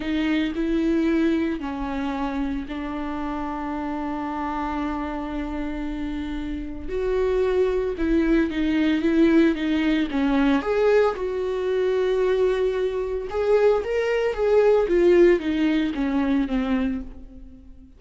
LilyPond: \new Staff \with { instrumentName = "viola" } { \time 4/4 \tempo 4 = 113 dis'4 e'2 cis'4~ | cis'4 d'2.~ | d'1~ | d'4 fis'2 e'4 |
dis'4 e'4 dis'4 cis'4 | gis'4 fis'2.~ | fis'4 gis'4 ais'4 gis'4 | f'4 dis'4 cis'4 c'4 | }